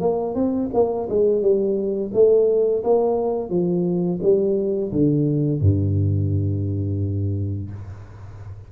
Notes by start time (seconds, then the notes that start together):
0.00 A#3
0.35 C4
0.73 A#3
1.09 G#3
1.41 G3
2.13 A3
2.84 A#3
3.50 F3
4.22 G3
4.92 D3
5.61 G2